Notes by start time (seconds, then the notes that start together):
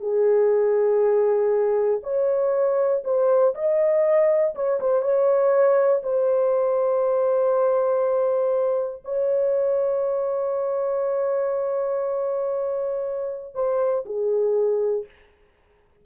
0.00 G#4
2.03 C#5
3.04 C5
3.55 D#5
4.55 C#5
4.80 C5
5.02 C#5
6.03 C5
9.04 C#5
13.55 C5
14.05 G#4